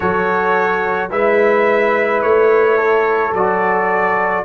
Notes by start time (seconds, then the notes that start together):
0.00 F#3 F#4 A4 C#5
1.10 G#3 E4 B4 E5
2.22 A3 C#5
2.77 A4
3.33 F#3 F#4 D5